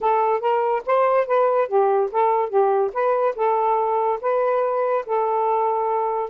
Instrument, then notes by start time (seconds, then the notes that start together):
saxophone
0.00 A4
0.40 A#4
0.86 C5
1.26 B4
1.67 G4
2.11 A4
2.49 G4
2.93 B4
3.35 A4
4.21 B4
5.06 A4